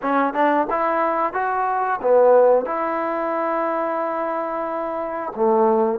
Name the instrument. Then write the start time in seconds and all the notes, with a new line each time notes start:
trombone
0.02 C#4
0.33 D4
0.70 E4
1.33 F#4
2.01 B3
2.65 E4
5.35 A3